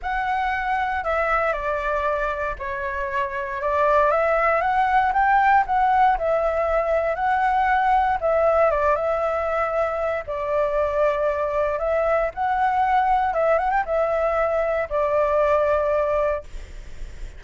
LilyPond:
\new Staff \with { instrumentName = "flute" } { \time 4/4 \tempo 4 = 117 fis''2 e''4 d''4~ | d''4 cis''2 d''4 | e''4 fis''4 g''4 fis''4 | e''2 fis''2 |
e''4 d''8 e''2~ e''8 | d''2. e''4 | fis''2 e''8 fis''16 g''16 e''4~ | e''4 d''2. | }